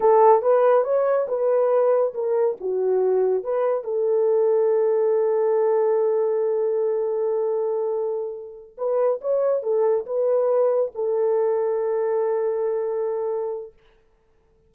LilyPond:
\new Staff \with { instrumentName = "horn" } { \time 4/4 \tempo 4 = 140 a'4 b'4 cis''4 b'4~ | b'4 ais'4 fis'2 | b'4 a'2.~ | a'1~ |
a'1~ | a'8 b'4 cis''4 a'4 b'8~ | b'4. a'2~ a'8~ | a'1 | }